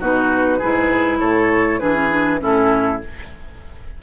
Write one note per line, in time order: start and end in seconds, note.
0.00 0.60 B2
0.00 0.61 D#4
0.00 0.59 F#4
0.00 1.20 B4
0.59 1.22 G#2
0.59 1.80 E4
0.59 1.19 G#4
1.20 1.81 A2
1.20 1.80 A4
1.20 1.79 C#5
1.79 2.42 E3
1.79 1.94 D4
1.79 2.41 G#4
1.79 2.40 B4
1.94 2.09 C#4
2.10 2.39 D4
2.39 3.02 A2
2.39 2.99 C#4
2.39 3.02 E4
2.39 3.03 A4